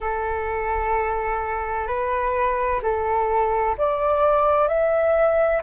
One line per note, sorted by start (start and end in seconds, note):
0.00 1.87 A4
1.87 2.80 B4
2.82 3.75 A4
3.78 4.68 D5
4.68 5.62 E5